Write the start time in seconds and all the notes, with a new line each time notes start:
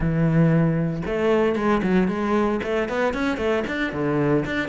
0.00 E3
1.06 A3
1.55 G#3
1.82 F#3
2.08 G#3
2.63 A3
2.88 B3
3.13 C#4
3.37 A3
3.67 D4
3.92 D3
4.45 D4